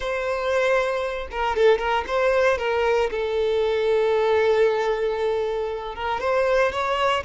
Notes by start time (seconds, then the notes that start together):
0.00 C5
1.31 A#4
1.56 A4
1.78 A#4
2.07 C5
2.58 A#4
3.11 A4
5.95 A#4
6.20 C5
6.71 C#5